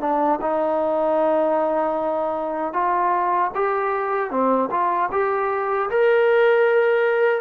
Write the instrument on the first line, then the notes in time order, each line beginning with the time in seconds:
trombone
0.00 D4
0.41 D#4
2.73 F4
3.55 G4
4.30 C4
4.70 F4
5.11 G4
5.90 A#4